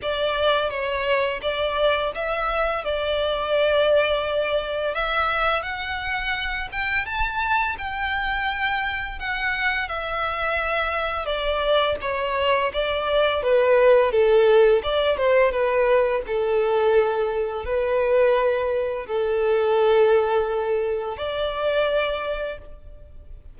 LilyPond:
\new Staff \with { instrumentName = "violin" } { \time 4/4 \tempo 4 = 85 d''4 cis''4 d''4 e''4 | d''2. e''4 | fis''4. g''8 a''4 g''4~ | g''4 fis''4 e''2 |
d''4 cis''4 d''4 b'4 | a'4 d''8 c''8 b'4 a'4~ | a'4 b'2 a'4~ | a'2 d''2 | }